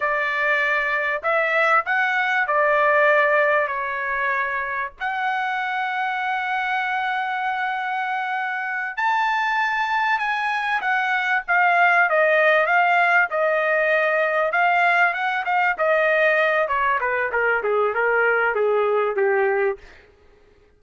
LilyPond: \new Staff \with { instrumentName = "trumpet" } { \time 4/4 \tempo 4 = 97 d''2 e''4 fis''4 | d''2 cis''2 | fis''1~ | fis''2~ fis''8 a''4.~ |
a''8 gis''4 fis''4 f''4 dis''8~ | dis''8 f''4 dis''2 f''8~ | f''8 fis''8 f''8 dis''4. cis''8 b'8 | ais'8 gis'8 ais'4 gis'4 g'4 | }